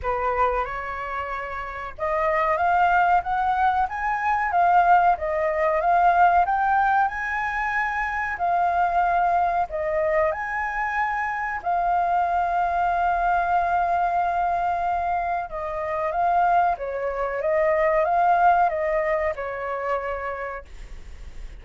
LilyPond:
\new Staff \with { instrumentName = "flute" } { \time 4/4 \tempo 4 = 93 b'4 cis''2 dis''4 | f''4 fis''4 gis''4 f''4 | dis''4 f''4 g''4 gis''4~ | gis''4 f''2 dis''4 |
gis''2 f''2~ | f''1 | dis''4 f''4 cis''4 dis''4 | f''4 dis''4 cis''2 | }